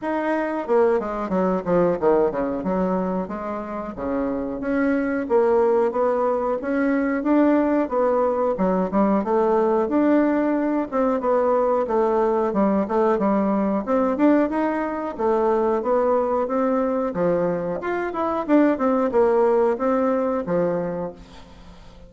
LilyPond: \new Staff \with { instrumentName = "bassoon" } { \time 4/4 \tempo 4 = 91 dis'4 ais8 gis8 fis8 f8 dis8 cis8 | fis4 gis4 cis4 cis'4 | ais4 b4 cis'4 d'4 | b4 fis8 g8 a4 d'4~ |
d'8 c'8 b4 a4 g8 a8 | g4 c'8 d'8 dis'4 a4 | b4 c'4 f4 f'8 e'8 | d'8 c'8 ais4 c'4 f4 | }